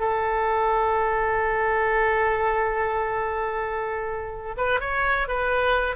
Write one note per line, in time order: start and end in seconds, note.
0.00 4.56 A4
4.58 4.80 B4
4.80 5.28 C#5
5.28 5.96 B4